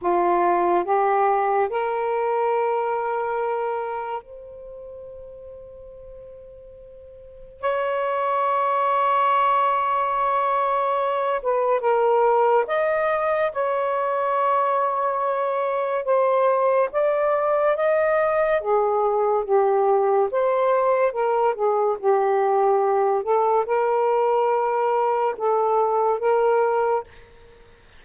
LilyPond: \new Staff \with { instrumentName = "saxophone" } { \time 4/4 \tempo 4 = 71 f'4 g'4 ais'2~ | ais'4 c''2.~ | c''4 cis''2.~ | cis''4. b'8 ais'4 dis''4 |
cis''2. c''4 | d''4 dis''4 gis'4 g'4 | c''4 ais'8 gis'8 g'4. a'8 | ais'2 a'4 ais'4 | }